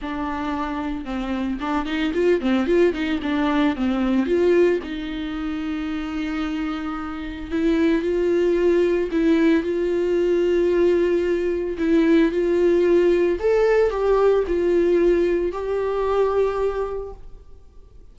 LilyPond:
\new Staff \with { instrumentName = "viola" } { \time 4/4 \tempo 4 = 112 d'2 c'4 d'8 dis'8 | f'8 c'8 f'8 dis'8 d'4 c'4 | f'4 dis'2.~ | dis'2 e'4 f'4~ |
f'4 e'4 f'2~ | f'2 e'4 f'4~ | f'4 a'4 g'4 f'4~ | f'4 g'2. | }